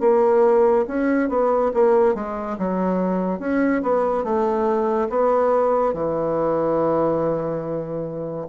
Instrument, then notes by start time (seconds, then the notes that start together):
bassoon
0.00 A#3
0.87 C#4
1.29 B3
1.74 A#3
2.14 G#3
2.58 F#3
3.39 C#4
3.82 B3
4.23 A3
5.09 B3
5.93 E3